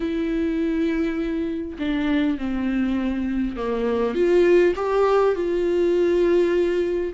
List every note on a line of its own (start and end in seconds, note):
0.00 1.77 E4
1.78 2.38 D4
2.38 3.56 C4
3.56 4.14 A#3
4.14 4.74 F4
4.75 5.35 G4
5.35 7.13 F4